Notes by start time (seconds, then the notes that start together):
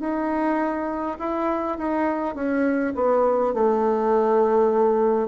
0.00 D#4
1.19 E4
1.78 D#4
2.35 C#4
2.95 B3
3.54 A3